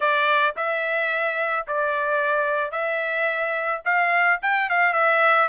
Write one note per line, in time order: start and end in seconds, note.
0.00 0.55 D5
0.56 1.66 E5
1.67 2.71 D5
2.71 3.81 E5
3.84 4.39 F5
4.42 4.69 G5
4.69 4.93 F5
4.93 5.48 E5